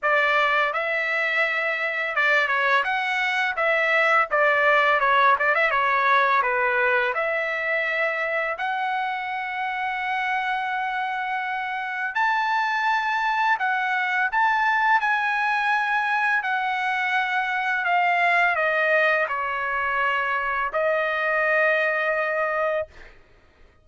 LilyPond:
\new Staff \with { instrumentName = "trumpet" } { \time 4/4 \tempo 4 = 84 d''4 e''2 d''8 cis''8 | fis''4 e''4 d''4 cis''8 d''16 e''16 | cis''4 b'4 e''2 | fis''1~ |
fis''4 a''2 fis''4 | a''4 gis''2 fis''4~ | fis''4 f''4 dis''4 cis''4~ | cis''4 dis''2. | }